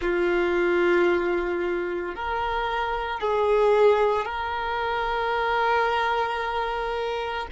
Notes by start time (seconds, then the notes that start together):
0.01 F4
2.15 A#4
3.20 G#4
4.25 A#4